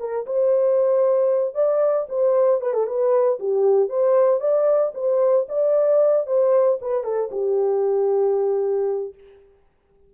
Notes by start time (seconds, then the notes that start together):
0.00 A#4
0.26 C5
1.55 D5
2.09 C5
2.61 B4
2.74 A4
2.86 B4
3.39 G4
3.89 C5
4.40 D5
4.94 C5
5.49 D5
6.27 C5
6.81 B4
7.04 A4
7.32 G4